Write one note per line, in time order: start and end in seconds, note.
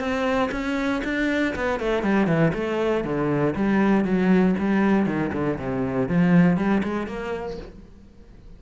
0.00 0.50 C4
0.52 1.02 C#4
1.05 1.55 D4
1.56 1.80 B3
1.80 2.03 A3
2.03 2.27 G3
2.27 2.53 E3
2.54 3.05 A3
3.05 3.55 D3
3.56 4.05 G3
4.05 4.55 F#3
4.59 5.06 G3
5.06 5.32 D#3
5.33 5.59 D3
5.59 6.09 C3
6.09 6.58 F3
6.58 6.83 G3
6.84 7.07 G#3
7.07 7.58 A#3